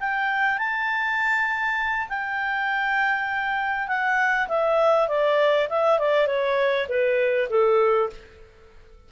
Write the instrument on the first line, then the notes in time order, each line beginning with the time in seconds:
clarinet
0.00 G5
0.58 A5
2.09 G5
3.88 F#5
4.48 E5
5.08 D5
5.69 E5
5.99 D5
6.27 C#5
6.88 B4
7.50 A4